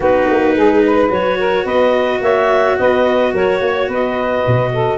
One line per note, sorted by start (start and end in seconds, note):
0.00 0.27 B3
0.00 1.09 D#4
0.00 0.55 F#4
0.00 1.11 B4
0.30 0.56 A#3
0.55 1.10 G#3
0.55 0.83 G#4
0.85 1.38 B4
1.09 1.65 F#3
1.09 4.98 F#4
1.09 1.66 C#5
1.38 1.64 A#4
1.64 2.20 B3
1.64 2.19 B4
1.64 2.22 D#5
2.21 2.76 A#3
2.21 2.77 C#5
2.21 2.78 E5
2.78 3.33 B3
2.78 3.32 B4
2.78 3.33 D#5
3.32 3.60 F#3
3.32 3.60 A#4
3.32 3.91 C#5
3.60 3.88 A#3
3.60 3.87 C#5
3.87 4.43 B3
3.87 4.71 B4
3.87 4.98 D#5
4.46 4.98 B2
4.73 4.98 A4